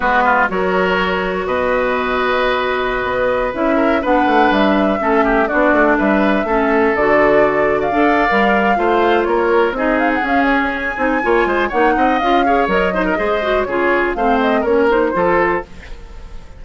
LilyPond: <<
  \new Staff \with { instrumentName = "flute" } { \time 4/4 \tempo 4 = 123 b'4 cis''2 dis''4~ | dis''2.~ dis''16 e''8.~ | e''16 fis''4 e''2 d''8.~ | d''16 e''2 d''4.~ d''16 |
f''2. cis''4 | dis''8 f''16 fis''16 f''8 cis''8 gis''2 | fis''4 f''4 dis''2 | cis''4 f''8 dis''8 cis''8 c''4. | }
  \new Staff \with { instrumentName = "oboe" } { \time 4/4 fis'8 f'8 ais'2 b'4~ | b'2.~ b'8. ais'16~ | ais'16 b'2 a'8 g'8 fis'8.~ | fis'16 b'4 a'2~ a'8. |
d''2 c''4 ais'4 | gis'2. cis''8 c''8 | cis''8 dis''4 cis''4 c''16 ais'16 c''4 | gis'4 c''4 ais'4 a'4 | }
  \new Staff \with { instrumentName = "clarinet" } { \time 4/4 b4 fis'2.~ | fis'2.~ fis'16 e'8.~ | e'16 d'2 cis'4 d'8.~ | d'4~ d'16 cis'4 fis'4.~ fis'16~ |
fis'16 a'8. ais'4 f'2 | dis'4 cis'4. dis'8 f'4 | dis'4 f'8 gis'8 ais'8 dis'8 gis'8 fis'8 | f'4 c'4 cis'8 dis'8 f'4 | }
  \new Staff \with { instrumentName = "bassoon" } { \time 4/4 gis4 fis2 b,4~ | b,2~ b,16 b4 cis'8.~ | cis'16 b8 a8 g4 a4 b8 a16~ | a16 g4 a4 d4.~ d16~ |
d16 d'8. g4 a4 ais4 | c'4 cis'4. c'8 ais8 gis8 | ais8 c'8 cis'4 fis4 gis4 | cis4 a4 ais4 f4 | }
>>